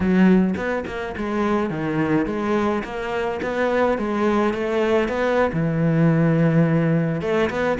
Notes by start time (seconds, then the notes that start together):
0.00 F#3
0.56 B3
0.86 A#3
1.17 G#3
1.70 D#3
2.26 G#3
2.84 A#3
3.41 B3
3.98 G#3
4.53 A3
5.08 B3
5.53 E3
7.21 A3
7.50 B3